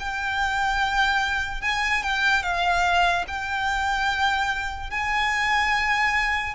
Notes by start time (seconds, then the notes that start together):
0.00 G5
1.62 G#5
2.03 G5
2.43 F5
3.28 G5
4.91 G#5